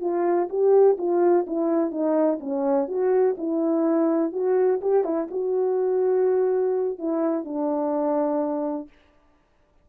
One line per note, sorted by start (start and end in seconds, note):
0.00 0.48 F4
0.49 0.97 G4
0.98 1.46 F4
1.47 1.91 E4
1.91 2.39 D#4
2.40 2.87 C#4
2.87 3.35 F#4
3.37 4.32 E4
4.32 4.80 F#4
4.81 5.03 G4
5.03 5.27 E4
5.30 6.98 F#4
6.98 7.44 E4
7.44 8.88 D4